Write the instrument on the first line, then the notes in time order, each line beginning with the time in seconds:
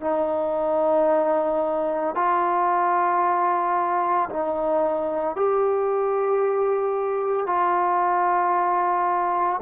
trombone
0.00 D#4
2.14 F4
4.29 D#4
5.35 G4
7.46 F4